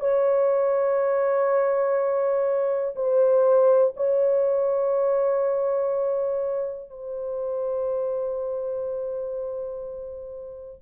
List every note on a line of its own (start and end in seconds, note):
0.00 2.95 C#5
2.95 3.93 C5
3.96 6.89 C#5
6.89 10.82 C5